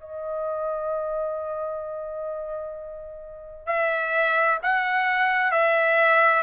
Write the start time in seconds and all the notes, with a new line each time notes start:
0.00 D#5
3.66 E5
4.63 F#5
5.51 E5